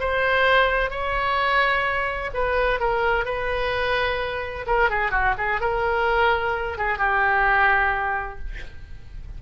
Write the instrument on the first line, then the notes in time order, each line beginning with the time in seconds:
oboe
0.00 C5
0.90 C#5
2.34 B4
2.80 A#4
3.25 B4
4.67 A#4
4.90 G#4
5.11 F#4
5.38 G#4
5.61 A#4
6.78 G#4
6.98 G4